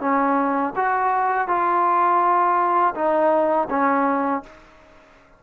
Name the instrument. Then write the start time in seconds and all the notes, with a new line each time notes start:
trombone
0.00 C#4
0.75 F#4
1.48 F4
2.95 D#4
3.70 C#4